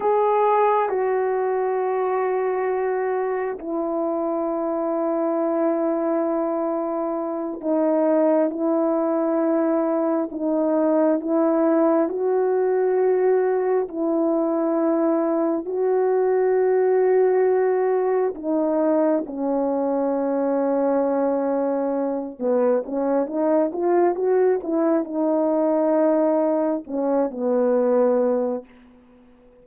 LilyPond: \new Staff \with { instrumentName = "horn" } { \time 4/4 \tempo 4 = 67 gis'4 fis'2. | e'1~ | e'8 dis'4 e'2 dis'8~ | dis'8 e'4 fis'2 e'8~ |
e'4. fis'2~ fis'8~ | fis'8 dis'4 cis'2~ cis'8~ | cis'4 b8 cis'8 dis'8 f'8 fis'8 e'8 | dis'2 cis'8 b4. | }